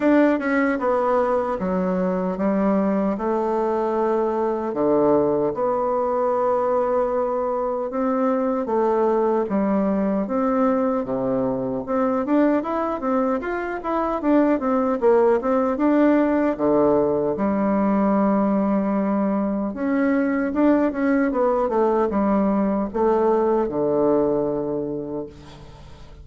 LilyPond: \new Staff \with { instrumentName = "bassoon" } { \time 4/4 \tempo 4 = 76 d'8 cis'8 b4 fis4 g4 | a2 d4 b4~ | b2 c'4 a4 | g4 c'4 c4 c'8 d'8 |
e'8 c'8 f'8 e'8 d'8 c'8 ais8 c'8 | d'4 d4 g2~ | g4 cis'4 d'8 cis'8 b8 a8 | g4 a4 d2 | }